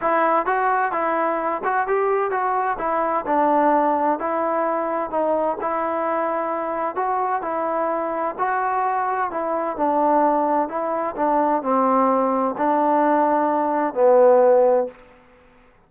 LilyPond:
\new Staff \with { instrumentName = "trombone" } { \time 4/4 \tempo 4 = 129 e'4 fis'4 e'4. fis'8 | g'4 fis'4 e'4 d'4~ | d'4 e'2 dis'4 | e'2. fis'4 |
e'2 fis'2 | e'4 d'2 e'4 | d'4 c'2 d'4~ | d'2 b2 | }